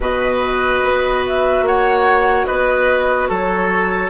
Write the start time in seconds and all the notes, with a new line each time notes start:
0.00 B2 F#4 B4 D#5
0.83 B3
1.26 E5
1.62 A#3 C#5 F#5
2.46 B3 B4 D#5
3.28 F#3 A4 C#5